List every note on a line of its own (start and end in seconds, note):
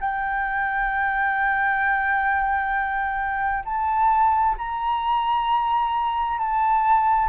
0.00 3.64 G5
3.65 4.56 A5
4.57 6.38 A#5
6.38 7.29 A5